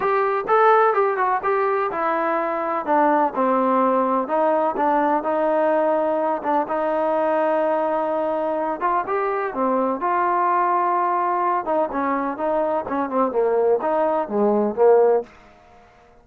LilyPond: \new Staff \with { instrumentName = "trombone" } { \time 4/4 \tempo 4 = 126 g'4 a'4 g'8 fis'8 g'4 | e'2 d'4 c'4~ | c'4 dis'4 d'4 dis'4~ | dis'4. d'8 dis'2~ |
dis'2~ dis'8 f'8 g'4 | c'4 f'2.~ | f'8 dis'8 cis'4 dis'4 cis'8 c'8 | ais4 dis'4 gis4 ais4 | }